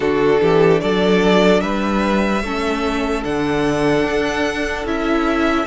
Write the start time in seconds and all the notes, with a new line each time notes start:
0.00 D3 D4 F#4 A4
0.41 E3 G4
0.81 F#3 A4 D5
1.60 G3 B4 E5
2.43 A3 C#4 A4
3.23 D3 D4 F#5
4.04 D4
4.85 C#4 E4 E5